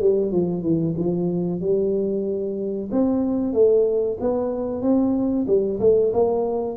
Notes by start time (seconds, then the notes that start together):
0.00 G3
0.32 F3
0.63 E3
0.98 F3
1.61 G3
2.92 C4
3.53 A3
4.21 B3
4.82 C4
5.48 G3
5.80 A3
6.13 A#3